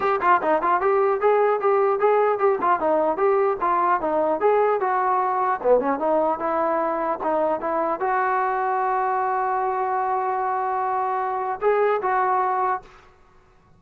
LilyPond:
\new Staff \with { instrumentName = "trombone" } { \time 4/4 \tempo 4 = 150 g'8 f'8 dis'8 f'8 g'4 gis'4 | g'4 gis'4 g'8 f'8 dis'4 | g'4 f'4 dis'4 gis'4 | fis'2 b8 cis'8 dis'4 |
e'2 dis'4 e'4 | fis'1~ | fis'1~ | fis'4 gis'4 fis'2 | }